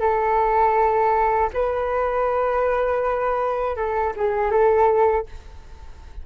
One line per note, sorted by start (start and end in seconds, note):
0.00 1.50 A4
1.54 3.76 B4
3.76 4.14 A4
4.17 4.51 G#4
4.51 5.26 A4